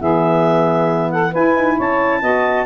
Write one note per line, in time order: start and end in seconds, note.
0.00 1.34 E3
0.00 1.34 B3
0.00 1.11 G#4
0.00 1.11 E5
1.11 1.31 A4
1.11 1.33 F#5
1.31 1.56 E4
1.31 2.22 E4
1.31 1.75 B4
1.31 1.78 G#5
1.56 1.78 D#4
1.77 2.23 C#4
1.77 2.21 C#5
1.77 2.66 A5
2.22 2.66 B3
2.22 2.66 F#4
2.22 2.66 D#5